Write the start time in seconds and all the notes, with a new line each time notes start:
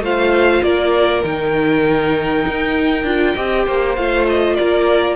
0.00 A3 F4 C5 F5
0.63 A#3 A#4 D5
1.23 D#3 D#4 G5
2.47 D#4
3.04 D4 F4
3.35 C4 G4 D#5
3.66 A#3 C5
3.96 A3 F4 F5
4.29 D#5
4.56 A#3 A#4 D5